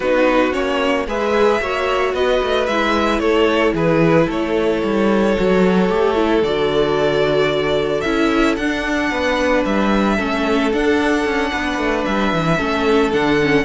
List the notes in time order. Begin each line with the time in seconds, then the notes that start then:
0.00 B3 D#4 F#4 B4
0.52 A#3 C#4 C#5
1.06 G#3 G#4 B4 E5
1.60 A#3 F#4 C#5
2.13 B3 B4 D#5
2.42 A3
2.66 G#3 E4 E5
3.19 A3 A4 C#5
3.73 E3 G#4 B4
4.26 A3 A4 C#5
4.83 G3
5.37 F#3 F#4
5.88 A3 G4
6.15 E4
6.42 D3 F#4 D5
8.01 C#4 E4 E5
8.56 D4 F#5
9.10 B3 B4
9.65 G3 E5
10.16 A3 C#4 A4
10.72 D4 F#5
11.24 C#4
11.51 B3 B4
11.78 A3
12.04 G3 E5
12.33 E3
12.57 A3 C#4 A4
13.12 D3 D4 F#5
13.42 C#4